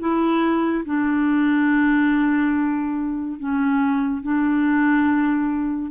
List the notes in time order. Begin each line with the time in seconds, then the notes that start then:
0.00 E4
0.86 D4
3.39 C#4
4.23 D4